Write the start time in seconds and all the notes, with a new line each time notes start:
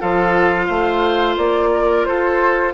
0.00 F3 F4 A4 F5
0.67 A3 C5
1.37 A#3 D5
1.74 A#4
2.05 F4 A4 C5